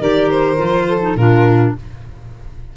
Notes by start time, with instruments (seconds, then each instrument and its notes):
0.00 tuba D#3, clarinet G4, flute A#4, violin D5
0.30 violin C5
0.56 tuba F3, clarinet F4
0.88 flute A4
1.01 clarinet D#4
1.15 tuba A#2, clarinet D4, flute F4, violin A#4